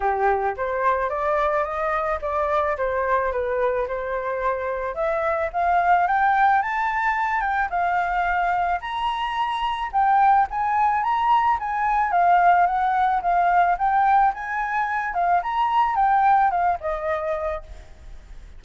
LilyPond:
\new Staff \with { instrumentName = "flute" } { \time 4/4 \tempo 4 = 109 g'4 c''4 d''4 dis''4 | d''4 c''4 b'4 c''4~ | c''4 e''4 f''4 g''4 | a''4. g''8 f''2 |
ais''2 g''4 gis''4 | ais''4 gis''4 f''4 fis''4 | f''4 g''4 gis''4. f''8 | ais''4 g''4 f''8 dis''4. | }